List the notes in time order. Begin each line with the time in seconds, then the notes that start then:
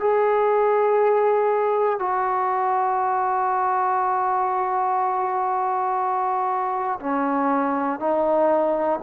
0.00 G#4
1.99 F#4
7.00 C#4
8.00 D#4